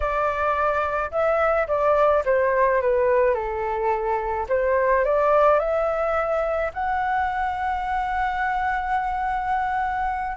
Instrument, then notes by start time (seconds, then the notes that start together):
flute
0.00 D5
1.11 E5
1.67 D5
2.25 C5
2.81 B4
3.34 A4
4.49 C5
5.04 D5
5.59 E5
6.73 F#5